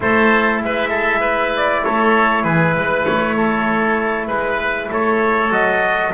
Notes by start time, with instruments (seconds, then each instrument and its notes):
0.00 double bass A3, trombone E4, oboe A4, trumpet C5
0.61 double bass G#3, oboe B4, trumpet E5
0.89 oboe A4
1.20 oboe B4
1.56 trumpet D5
1.84 double bass A3, oboe A4, trumpet C#5
2.43 double bass E3, oboe G#4, trumpet B4
2.75 double bass G#3, oboe B4
3.05 double bass A3, trumpet C#5
3.36 oboe A4
4.27 double bass G#3, oboe B4, trumpet B4
4.90 double bass A3, oboe A4, trumpet C#5
5.49 double bass F#3, trombone F#4, trumpet D#5